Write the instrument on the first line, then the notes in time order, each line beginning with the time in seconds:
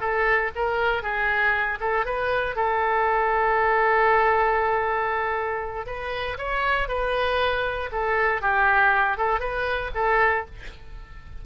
oboe
0.00 A4
0.55 A#4
1.02 G#4
1.80 A4
2.05 B4
2.56 A4
5.86 B4
6.38 C#5
6.88 B4
7.92 A4
8.42 G4
9.17 A4
9.40 B4
9.95 A4